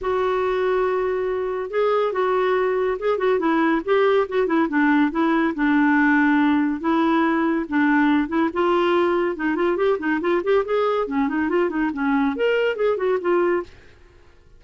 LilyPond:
\new Staff \with { instrumentName = "clarinet" } { \time 4/4 \tempo 4 = 141 fis'1 | gis'4 fis'2 gis'8 fis'8 | e'4 g'4 fis'8 e'8 d'4 | e'4 d'2. |
e'2 d'4. e'8 | f'2 dis'8 f'8 g'8 dis'8 | f'8 g'8 gis'4 cis'8 dis'8 f'8 dis'8 | cis'4 ais'4 gis'8 fis'8 f'4 | }